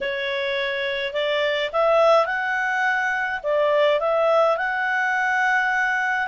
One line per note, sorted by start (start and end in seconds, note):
0.00 1.13 C#5
1.13 1.70 D5
1.72 2.26 E5
2.26 3.40 F#5
3.43 3.99 D5
3.99 4.57 E5
4.57 6.27 F#5